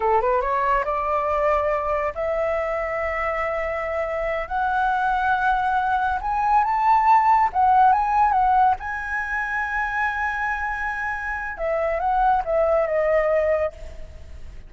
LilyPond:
\new Staff \with { instrumentName = "flute" } { \time 4/4 \tempo 4 = 140 a'8 b'8 cis''4 d''2~ | d''4 e''2.~ | e''2~ e''8 fis''4.~ | fis''2~ fis''8 gis''4 a''8~ |
a''4. fis''4 gis''4 fis''8~ | fis''8 gis''2.~ gis''8~ | gis''2. e''4 | fis''4 e''4 dis''2 | }